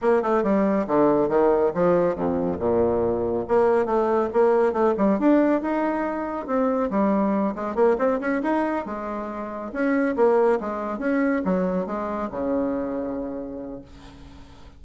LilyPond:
\new Staff \with { instrumentName = "bassoon" } { \time 4/4 \tempo 4 = 139 ais8 a8 g4 d4 dis4 | f4 f,4 ais,2 | ais4 a4 ais4 a8 g8 | d'4 dis'2 c'4 |
g4. gis8 ais8 c'8 cis'8 dis'8~ | dis'8 gis2 cis'4 ais8~ | ais8 gis4 cis'4 fis4 gis8~ | gis8 cis2.~ cis8 | }